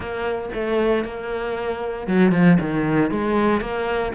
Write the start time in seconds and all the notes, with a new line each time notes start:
0.00 A#3
0.54 A3
1.04 A#3
2.07 F#3
2.31 F3
2.60 D#3
3.11 G#3
3.60 A#3